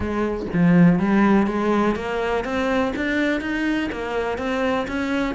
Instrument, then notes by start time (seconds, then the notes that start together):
cello
0.00 G#3
0.53 F3
0.99 G3
1.46 G#3
1.95 A#3
2.44 C4
2.96 D4
3.40 D#4
3.92 A#3
4.38 C4
4.87 C#4